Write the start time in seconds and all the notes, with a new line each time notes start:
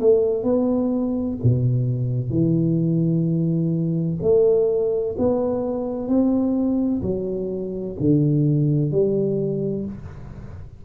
0.00 A3
0.43 B3
1.43 B2
2.30 E3
4.22 A3
5.18 B3
6.08 C4
7.02 F#3
8.00 D3
8.91 G3